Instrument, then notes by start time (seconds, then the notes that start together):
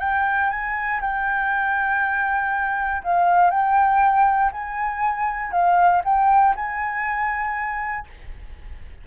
flute
0.00 G5
0.50 G#5
1.01 G5
3.04 F5
3.51 G5
4.52 G#5
5.52 F5
6.05 G5
6.56 G#5